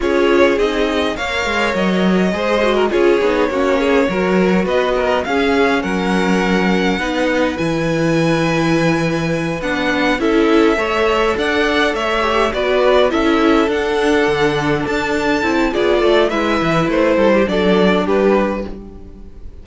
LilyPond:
<<
  \new Staff \with { instrumentName = "violin" } { \time 4/4 \tempo 4 = 103 cis''4 dis''4 f''4 dis''4~ | dis''4 cis''2. | dis''4 f''4 fis''2~ | fis''4 gis''2.~ |
gis''8 fis''4 e''2 fis''8~ | fis''8 e''4 d''4 e''4 fis''8~ | fis''4. a''4. d''4 | e''4 c''4 d''4 b'4 | }
  \new Staff \with { instrumentName = "violin" } { \time 4/4 gis'2 cis''2 | c''8. ais'16 gis'4 fis'8 gis'8 ais'4 | b'8 ais'8 gis'4 ais'2 | b'1~ |
b'4. a'4 cis''4 d''8~ | d''8 cis''4 b'4 a'4.~ | a'2. gis'8 a'8 | b'4. a'16 g'16 a'4 g'4 | }
  \new Staff \with { instrumentName = "viola" } { \time 4/4 f'4 dis'4 ais'2 | gis'8 fis'8 f'8 dis'8 cis'4 fis'4~ | fis'4 cis'2. | dis'4 e'2.~ |
e'8 d'4 e'4 a'4.~ | a'4 g'8 fis'4 e'4 d'8~ | d'2~ d'8 e'8 f'4 | e'2 d'2 | }
  \new Staff \with { instrumentName = "cello" } { \time 4/4 cis'4 c'4 ais8 gis8 fis4 | gis4 cis'8 b8 ais4 fis4 | b4 cis'4 fis2 | b4 e2.~ |
e8 b4 cis'4 a4 d'8~ | d'8 a4 b4 cis'4 d'8~ | d'8 d4 d'4 c'8 b8 a8 | gis8 e8 a8 g8 fis4 g4 | }
>>